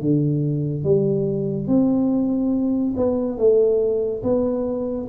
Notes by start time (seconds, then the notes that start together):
0.00 D3
0.84 G3
1.67 C4
2.96 B3
3.38 A3
4.23 B3